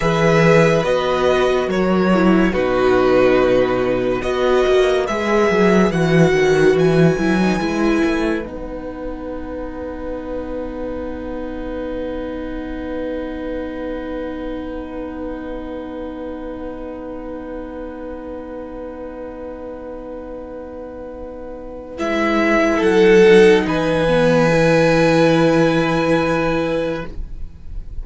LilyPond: <<
  \new Staff \with { instrumentName = "violin" } { \time 4/4 \tempo 4 = 71 e''4 dis''4 cis''4 b'4~ | b'4 dis''4 e''4 fis''4 | gis''2 fis''2~ | fis''1~ |
fis''1~ | fis''1~ | fis''2 e''4 fis''4 | gis''1 | }
  \new Staff \with { instrumentName = "violin" } { \time 4/4 b'2 ais'4 fis'4~ | fis'4 b'2.~ | b'1~ | b'1~ |
b'1~ | b'1~ | b'2. a'4 | b'1 | }
  \new Staff \with { instrumentName = "viola" } { \time 4/4 gis'4 fis'4. e'8 dis'4~ | dis'4 fis'4 gis'4 fis'4~ | fis'8 e'16 dis'16 e'4 dis'2~ | dis'1~ |
dis'1~ | dis'1~ | dis'2 e'4. dis'8~ | dis'8 b8 e'2. | }
  \new Staff \with { instrumentName = "cello" } { \time 4/4 e4 b4 fis4 b,4~ | b,4 b8 ais8 gis8 fis8 e8 dis8 | e8 fis8 gis8 a8 b2~ | b1~ |
b1~ | b1~ | b2 gis4 fis4 | e1 | }
>>